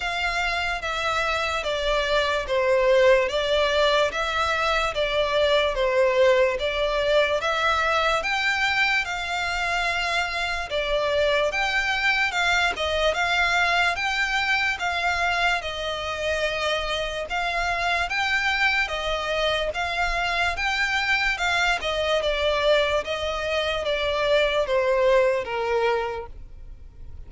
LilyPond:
\new Staff \with { instrumentName = "violin" } { \time 4/4 \tempo 4 = 73 f''4 e''4 d''4 c''4 | d''4 e''4 d''4 c''4 | d''4 e''4 g''4 f''4~ | f''4 d''4 g''4 f''8 dis''8 |
f''4 g''4 f''4 dis''4~ | dis''4 f''4 g''4 dis''4 | f''4 g''4 f''8 dis''8 d''4 | dis''4 d''4 c''4 ais'4 | }